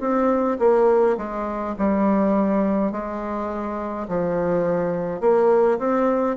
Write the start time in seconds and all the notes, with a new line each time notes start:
0.00 C4
0.59 A#3
1.17 G#3
1.78 G3
2.92 G#3
4.08 F3
5.20 A#3
5.78 C4